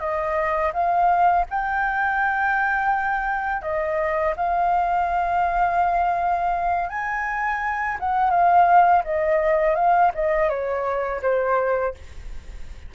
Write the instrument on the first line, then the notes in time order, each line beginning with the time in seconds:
flute
0.00 D#5
0.74 F5
1.50 G5
3.62 D#5
4.37 F5
6.90 G#5
8.00 F#5
8.31 F5
9.05 D#5
9.76 F5
10.15 D#5
10.50 C#5
11.22 C5